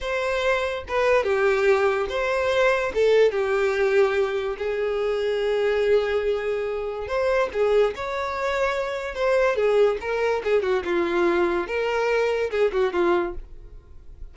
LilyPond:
\new Staff \with { instrumentName = "violin" } { \time 4/4 \tempo 4 = 144 c''2 b'4 g'4~ | g'4 c''2 a'4 | g'2. gis'4~ | gis'1~ |
gis'4 c''4 gis'4 cis''4~ | cis''2 c''4 gis'4 | ais'4 gis'8 fis'8 f'2 | ais'2 gis'8 fis'8 f'4 | }